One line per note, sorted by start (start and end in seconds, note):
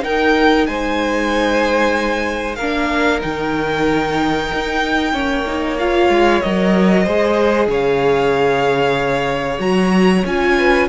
0.00 2.55 D#4
0.00 0.67 D#4
0.00 0.68 A#4
0.00 0.66 G5
0.66 2.58 G#3
0.66 2.57 C5
0.66 2.55 G#5
2.55 3.22 A#3
2.55 3.21 D4
2.55 5.12 A#4
2.55 3.19 F5
3.21 4.52 D#3
3.21 5.12 D#4
3.21 5.78 G5
4.53 5.14 D#4
5.13 6.09 A#3
5.13 5.45 C#4
5.13 7.03 C#5
5.47 5.79 D#4
5.79 6.43 F4
5.79 6.41 F5
6.09 6.41 G#3
6.41 7.07 F#3
6.41 7.06 A#4
6.41 7.69 D#5
7.03 7.67 G#3
7.03 9.59 G#4
7.03 7.67 C5
7.67 9.58 C#3
7.67 10.57 C#5
7.73 9.60 F5
9.59 10.23 F#3
9.59 10.23 F#4
9.59 10.24 A#5
10.25 10.88 C#4
10.25 10.88 F4
10.25 10.88 G#5
10.58 10.88 B4